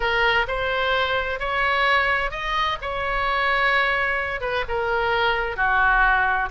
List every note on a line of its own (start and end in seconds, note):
0.00 0.46 A#4
0.47 1.39 C5
1.39 2.30 C#5
2.30 2.77 D#5
2.81 4.41 C#5
4.41 4.64 B4
4.68 5.56 A#4
5.56 6.49 F#4